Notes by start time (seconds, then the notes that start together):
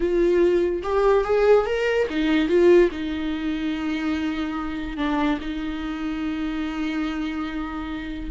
0.00 F4
0.82 G4
1.24 G#4
1.66 A#4
2.09 D#4
2.48 F4
2.91 D#4
4.97 D4
5.41 D#4